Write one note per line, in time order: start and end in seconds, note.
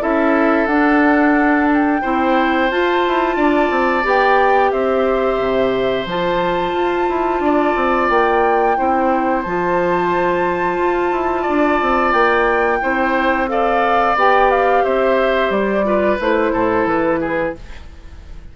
0.00 0.67 C#4
0.00 0.67 E4
0.00 2.01 A4
0.00 0.66 E5
0.66 2.02 D4
0.66 2.03 D4
0.66 1.67 F#5
1.73 2.71 G5
2.01 2.71 C4
2.01 2.70 E4
2.01 3.36 C5
2.71 3.05 F4
2.71 4.03 F4
2.71 4.05 A5
3.08 3.36 E4
3.36 3.70 D4
3.36 4.71 D5
3.70 4.04 C4
4.03 4.72 B3
4.03 6.05 G4
4.03 4.71 G5
4.71 5.39 C4
4.71 7.42 C5
4.71 6.06 E5
5.39 6.06 C3
6.06 6.73 F3
6.06 8.77 F4
6.06 8.09 A5
6.74 7.07 F4
7.09 7.40 E4
7.40 7.74 D4
7.40 8.77 D5
7.76 8.10 C4
8.09 8.77 A#3
8.09 9.43 G5
8.77 9.45 C4
8.77 9.44 E4
8.77 11.42 C5
9.43 10.78 F3
9.43 12.81 F4
9.43 12.12 A5
10.78 11.12 F4
11.12 11.46 E4
11.42 12.77 D5
11.48 11.82 D4
11.82 12.13 C4
12.12 12.81 A#3
12.12 13.47 G5
12.81 14.15 C4
12.81 13.48 E4
12.81 13.50 C5
13.48 14.15 A4
13.48 14.84 D5
13.48 14.16 F5
14.15 14.83 B3
14.15 15.84 G4
14.15 14.51 G5
14.51 14.84 F5
14.84 15.50 C4
14.84 15.85 C5
14.84 15.51 E5
15.50 16.18 G3
15.50 16.19 D5
15.84 16.18 F4
15.84 16.52 B4
16.20 16.52 A3
16.20 17.56 E4
16.20 16.87 C5
16.52 16.85 A2
16.52 17.20 A4
16.85 17.53 E3
16.85 17.54 B4
17.21 17.54 G#4